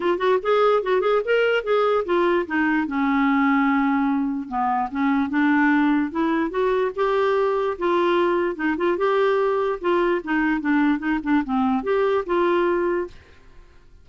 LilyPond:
\new Staff \with { instrumentName = "clarinet" } { \time 4/4 \tempo 4 = 147 f'8 fis'8 gis'4 fis'8 gis'8 ais'4 | gis'4 f'4 dis'4 cis'4~ | cis'2. b4 | cis'4 d'2 e'4 |
fis'4 g'2 f'4~ | f'4 dis'8 f'8 g'2 | f'4 dis'4 d'4 dis'8 d'8 | c'4 g'4 f'2 | }